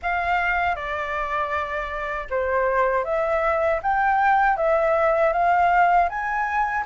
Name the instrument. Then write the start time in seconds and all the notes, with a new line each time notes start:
flute
0.02 F5
0.75 D5
2.30 C5
3.04 E5
3.82 G5
4.56 E5
5.33 F5
6.09 G#5